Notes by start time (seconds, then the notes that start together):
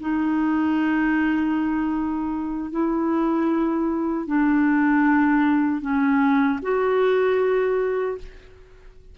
0.00 D#4
2.71 E4
4.27 D4
5.81 C#4
6.62 F#4